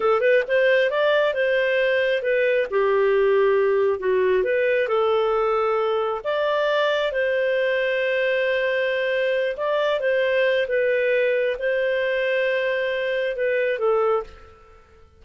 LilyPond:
\new Staff \with { instrumentName = "clarinet" } { \time 4/4 \tempo 4 = 135 a'8 b'8 c''4 d''4 c''4~ | c''4 b'4 g'2~ | g'4 fis'4 b'4 a'4~ | a'2 d''2 |
c''1~ | c''4. d''4 c''4. | b'2 c''2~ | c''2 b'4 a'4 | }